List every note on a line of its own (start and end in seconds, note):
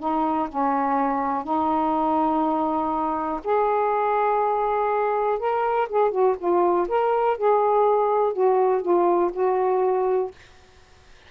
0.00 0.49 D#4
0.49 1.44 C#4
1.44 3.41 D#4
3.44 5.39 G#4
5.39 5.89 A#4
5.89 6.12 G#4
6.12 6.36 F#4
6.39 6.89 F4
6.89 7.38 A#4
7.38 8.34 G#4
8.34 8.82 F#4
8.82 9.32 F4
9.33 10.32 F#4